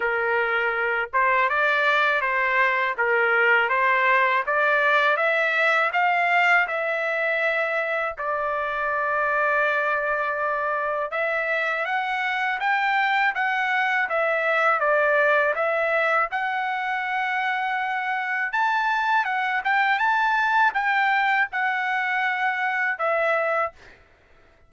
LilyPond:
\new Staff \with { instrumentName = "trumpet" } { \time 4/4 \tempo 4 = 81 ais'4. c''8 d''4 c''4 | ais'4 c''4 d''4 e''4 | f''4 e''2 d''4~ | d''2. e''4 |
fis''4 g''4 fis''4 e''4 | d''4 e''4 fis''2~ | fis''4 a''4 fis''8 g''8 a''4 | g''4 fis''2 e''4 | }